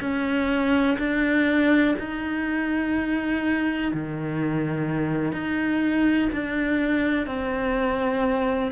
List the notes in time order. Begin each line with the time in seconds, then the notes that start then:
0.00 C#4
0.98 D4
1.98 D#4
3.93 D#3
5.32 D#4
6.32 D4
7.26 C4